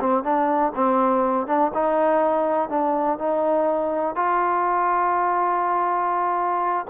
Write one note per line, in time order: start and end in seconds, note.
0.00 0.24 C4
0.24 0.73 D4
0.75 1.47 C4
1.47 1.72 D4
1.74 2.69 D#4
2.69 3.19 D4
3.19 4.16 D#4
4.16 6.86 F4